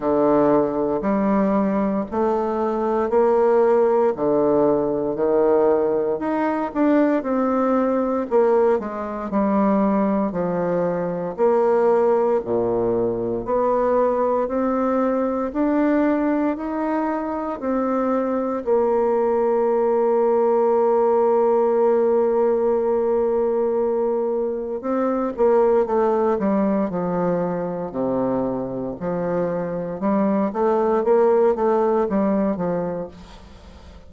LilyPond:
\new Staff \with { instrumentName = "bassoon" } { \time 4/4 \tempo 4 = 58 d4 g4 a4 ais4 | d4 dis4 dis'8 d'8 c'4 | ais8 gis8 g4 f4 ais4 | ais,4 b4 c'4 d'4 |
dis'4 c'4 ais2~ | ais1 | c'8 ais8 a8 g8 f4 c4 | f4 g8 a8 ais8 a8 g8 f8 | }